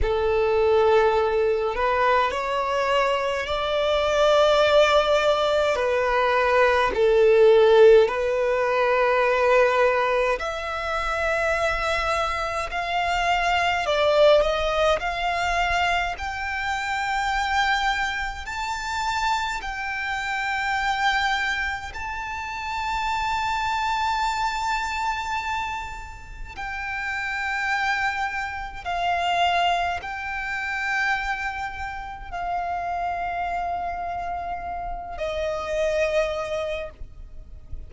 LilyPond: \new Staff \with { instrumentName = "violin" } { \time 4/4 \tempo 4 = 52 a'4. b'8 cis''4 d''4~ | d''4 b'4 a'4 b'4~ | b'4 e''2 f''4 | d''8 dis''8 f''4 g''2 |
a''4 g''2 a''4~ | a''2. g''4~ | g''4 f''4 g''2 | f''2~ f''8 dis''4. | }